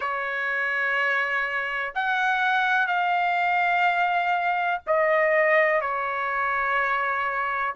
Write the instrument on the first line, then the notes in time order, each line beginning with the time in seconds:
trumpet
0.00 C#5
1.94 F#5
2.87 F5
4.87 D#5
5.81 C#5